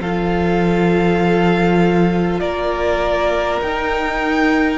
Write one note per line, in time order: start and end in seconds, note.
0.00 2.40 F3
0.00 3.64 F4
0.00 2.41 A4
0.00 2.40 F5
2.40 3.61 A#3
2.40 4.78 A#4
2.40 3.60 D5
3.61 4.78 D#4
3.61 4.78 G5